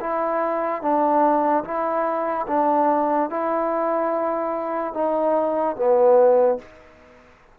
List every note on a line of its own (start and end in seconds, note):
0.00 0.82 E4
0.82 1.64 D4
1.64 2.46 E4
2.47 3.30 D4
3.30 4.94 E4
4.94 5.76 D#4
5.76 6.59 B3